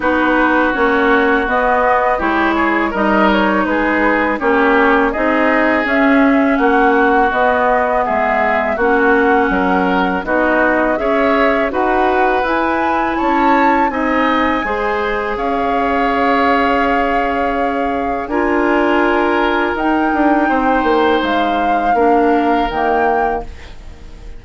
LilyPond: <<
  \new Staff \with { instrumentName = "flute" } { \time 4/4 \tempo 4 = 82 b'4 cis''4 dis''4 cis''4 | dis''8 cis''8 b'4 cis''4 dis''4 | e''4 fis''4 dis''4 e''4 | fis''2 dis''4 e''4 |
fis''4 gis''4 a''4 gis''4~ | gis''4 f''2.~ | f''4 gis''2 g''4~ | g''4 f''2 g''4 | }
  \new Staff \with { instrumentName = "oboe" } { \time 4/4 fis'2. g'8 gis'8 | ais'4 gis'4 g'4 gis'4~ | gis'4 fis'2 gis'4 | fis'4 ais'4 fis'4 cis''4 |
b'2 cis''4 dis''4 | c''4 cis''2.~ | cis''4 ais'2. | c''2 ais'2 | }
  \new Staff \with { instrumentName = "clarinet" } { \time 4/4 dis'4 cis'4 b4 e'4 | dis'2 cis'4 dis'4 | cis'2 b2 | cis'2 dis'4 gis'4 |
fis'4 e'2 dis'4 | gis'1~ | gis'4 f'2 dis'4~ | dis'2 d'4 ais4 | }
  \new Staff \with { instrumentName = "bassoon" } { \time 4/4 b4 ais4 b4 gis4 | g4 gis4 ais4 c'4 | cis'4 ais4 b4 gis4 | ais4 fis4 b4 cis'4 |
dis'4 e'4 cis'4 c'4 | gis4 cis'2.~ | cis'4 d'2 dis'8 d'8 | c'8 ais8 gis4 ais4 dis4 | }
>>